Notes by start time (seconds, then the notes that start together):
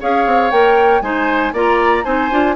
0.00 C#4 G#4 C#5 F5
0.26 C4
0.51 A#3 A#4 G5
1.01 G#3 D#4 C5 G#5
1.53 A#3 F4 D5 A#5
2.04 C4 D#4 C5 G#5
2.30 D4 F4